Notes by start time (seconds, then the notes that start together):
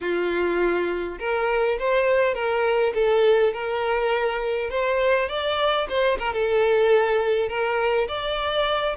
0.00 F4
1.19 A#4
1.79 C5
2.34 A#4
2.94 A4
3.53 A#4
4.70 C5
5.29 D5
5.88 C5
6.18 A#4
6.33 A4
7.48 A#4
8.08 D5